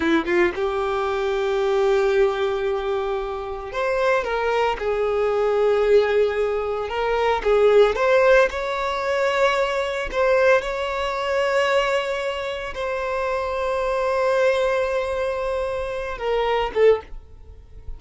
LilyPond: \new Staff \with { instrumentName = "violin" } { \time 4/4 \tempo 4 = 113 e'8 f'8 g'2.~ | g'2. c''4 | ais'4 gis'2.~ | gis'4 ais'4 gis'4 c''4 |
cis''2. c''4 | cis''1 | c''1~ | c''2~ c''8 ais'4 a'8 | }